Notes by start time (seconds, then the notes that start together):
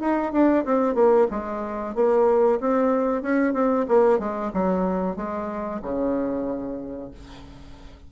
0.00 D#4
0.32 D4
0.65 C4
0.94 A#3
1.30 G#3
1.95 A#3
2.60 C4
3.22 C#4
3.53 C4
3.88 A#3
4.19 G#3
4.53 F#3
5.16 G#3
5.82 C#3